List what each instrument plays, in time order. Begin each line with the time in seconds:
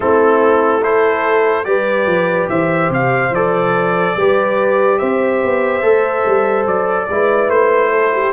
0.00 tuba A3, trombone C4, horn E4, trumpet A4
0.81 trombone E4, horn A4, trumpet C5
1.64 tuba G3, trombone G4, horn B4, trumpet D5
2.06 tuba F3
2.49 tuba E3, horn C5, trumpet E5
2.89 tuba C3, trumpet F5
3.30 tuba F3, trombone A4, trumpet D5
4.16 tuba G3, trombone G4, horn B4
4.98 tuba C4, horn C5, trumpet E5
5.44 tuba B3
5.82 tuba A3, trombone A4
6.25 tuba G3
6.66 tuba F#3, trumpet D5
7.09 tuba G#3, trombone E4, horn B4
7.48 tuba A3, trumpet C5
7.90 horn A4
8.13 horn G4